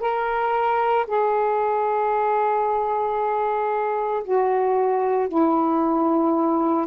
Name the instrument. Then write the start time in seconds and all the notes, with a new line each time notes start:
saxophone
0.00 A#4
1.07 G#4
4.24 F#4
5.29 E4